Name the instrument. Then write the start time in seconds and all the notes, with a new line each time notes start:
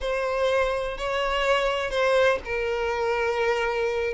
violin
0.00 C5
0.97 C#5
1.90 C5
2.44 A#4